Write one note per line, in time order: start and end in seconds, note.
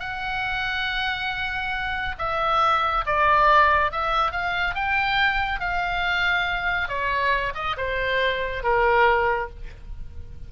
0.00 2.16 F#5
2.19 3.05 E5
3.06 3.92 D5
3.92 4.32 E5
4.32 4.75 F5
4.75 5.60 G5
5.60 6.89 F5
6.89 7.54 C#5
7.55 7.76 D#5
7.78 8.64 C5
8.64 9.50 A#4